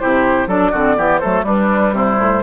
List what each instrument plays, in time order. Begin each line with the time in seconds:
0.00 bassoon C3, clarinet E4, oboe G4, flute C5
0.47 bassoon F#3, clarinet D4, oboe A4, flute D5
0.72 bassoon D3, clarinet C4, oboe F#4
0.96 bassoon E3, clarinet B3, oboe G4
1.19 clarinet A3, oboe A4, flute C5
1.25 bassoon F#3
1.43 bassoon G3, clarinet G3, oboe D4, flute B4
1.93 bassoon C3, oboe E4, flute C5
2.19 bassoon A2